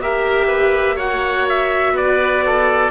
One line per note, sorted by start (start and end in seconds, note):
0.00 1.92 A#3
0.00 0.98 G4
0.00 0.47 A#4
0.00 0.98 E5
0.47 0.95 B4
0.95 2.91 F#4
0.95 1.92 C#5
0.95 1.46 F#5
1.48 1.96 E5
1.92 2.88 B3
1.92 2.44 B4
1.92 2.91 D5
2.45 2.91 A4